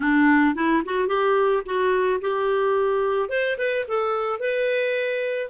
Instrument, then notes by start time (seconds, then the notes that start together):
clarinet
0.00 D4
0.55 E4
0.85 F#4
1.08 G4
1.65 F#4
2.21 G4
3.29 C5
3.58 B4
3.88 A4
4.39 B4